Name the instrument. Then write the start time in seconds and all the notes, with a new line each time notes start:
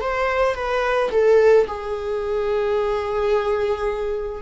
viola
0.00 C5
0.55 B4
1.11 A4
1.67 G#4